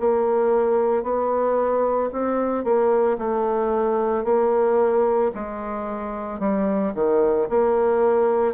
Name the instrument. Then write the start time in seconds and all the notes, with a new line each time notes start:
bassoon
0.00 A#3
1.03 B3
2.12 C4
2.64 A#3
3.19 A3
4.24 A#3
5.35 G#3
6.40 G3
6.95 D#3
7.50 A#3